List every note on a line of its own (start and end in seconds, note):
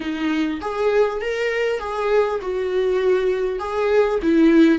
0.00 0.60 D#4
0.61 1.21 G#4
1.21 1.79 A#4
1.79 2.39 G#4
2.41 3.59 F#4
3.59 4.19 G#4
4.22 4.79 E4